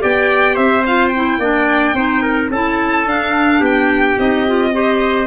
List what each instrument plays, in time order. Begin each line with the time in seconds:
0.00 tuba B3, clarinet G4, trumpet D5, violin G5
0.55 tuba C4, trumpet C5, violin E5
0.86 clarinet F4, violin F5
1.08 violin G5
1.15 clarinet E4
1.39 tuba A#3, clarinet D4, trumpet D5
1.94 tuba C4, clarinet D#4, trumpet C5
2.22 trumpet A#4
2.50 tuba C#4, clarinet E4, trumpet A4, violin A5
3.06 tuba D4, clarinet D4, violin F5
3.60 tuba B3, trumpet G4, violin G5
4.18 tuba C4, clarinet D#4, violin D#5
4.48 clarinet F4
4.73 clarinet G4, trumpet C5